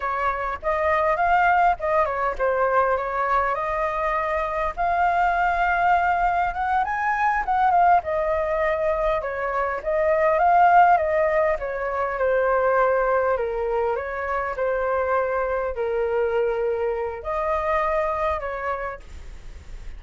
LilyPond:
\new Staff \with { instrumentName = "flute" } { \time 4/4 \tempo 4 = 101 cis''4 dis''4 f''4 dis''8 cis''8 | c''4 cis''4 dis''2 | f''2. fis''8 gis''8~ | gis''8 fis''8 f''8 dis''2 cis''8~ |
cis''8 dis''4 f''4 dis''4 cis''8~ | cis''8 c''2 ais'4 cis''8~ | cis''8 c''2 ais'4.~ | ais'4 dis''2 cis''4 | }